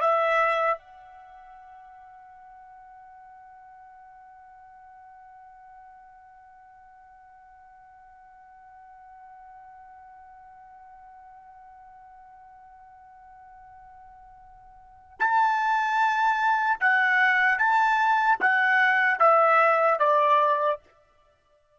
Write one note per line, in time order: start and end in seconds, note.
0.00 0.78 E5
0.78 15.18 F#5
15.20 16.80 A5
16.80 17.58 F#5
17.58 18.38 A5
18.40 19.19 F#5
19.19 19.99 E5
19.99 20.79 D5